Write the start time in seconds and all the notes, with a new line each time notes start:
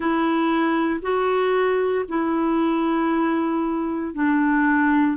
0.00 E4
1.02 F#4
2.08 E4
4.14 D4